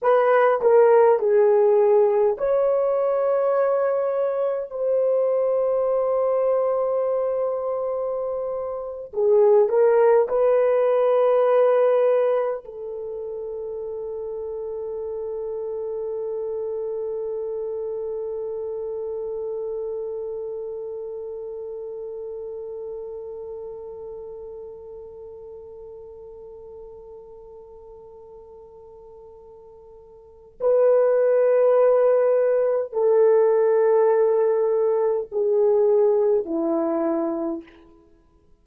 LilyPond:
\new Staff \with { instrumentName = "horn" } { \time 4/4 \tempo 4 = 51 b'8 ais'8 gis'4 cis''2 | c''2.~ c''8. gis'16~ | gis'16 ais'8 b'2 a'4~ a'16~ | a'1~ |
a'1~ | a'1~ | a'2 b'2 | a'2 gis'4 e'4 | }